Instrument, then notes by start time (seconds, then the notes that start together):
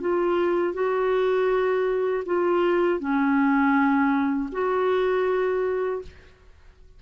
clarinet
0.00 F4
0.73 F#4
2.25 F4
2.99 C#4
4.51 F#4